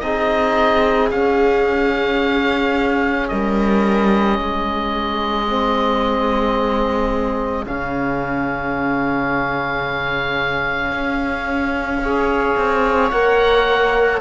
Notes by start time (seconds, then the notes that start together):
0.00 C4 D#4 G#4 D#5
1.11 C#4 F5
3.28 G3 A#4 D#5
4.39 G#3 G#4
5.47 C4
7.66 C#3 C#4 F5
10.92 C#4
12.02 G#4 C#5
12.57 C4
13.10 A#3 A#4 F#5